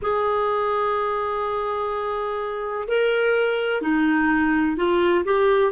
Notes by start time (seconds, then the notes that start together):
0.02 G#4
2.88 A#4
3.81 D#4
4.76 F4
5.24 G4